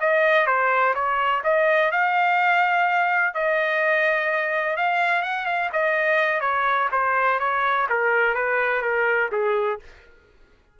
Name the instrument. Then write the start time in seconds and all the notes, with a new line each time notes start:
trumpet
0.00 D#5
0.46 C5
0.94 C#5
1.44 D#5
1.91 F5
3.34 D#5
4.77 F5
5.22 F#5
5.46 F5
5.73 D#5
6.41 C#5
6.92 C5
7.39 C#5
7.89 A#4
8.34 B4
8.82 A#4
9.32 G#4